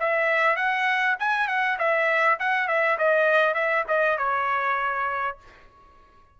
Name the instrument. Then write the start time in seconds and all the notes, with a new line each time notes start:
trumpet
0.00 E5
0.56 F#5
1.19 G#5
1.48 F#5
1.79 E5
2.39 F#5
2.68 E5
2.98 D#5
3.55 E5
3.88 D#5
4.18 C#5